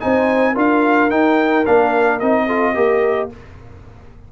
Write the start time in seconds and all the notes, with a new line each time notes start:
0.00 C4 D#4 C5 G#5
0.53 D4 F4 A#4 F5
1.10 D#4 G5
1.66 A#3 D4 F5
2.19 C4 D#4 D#5
2.46 F4 A4
2.74 A#3 G4 A#4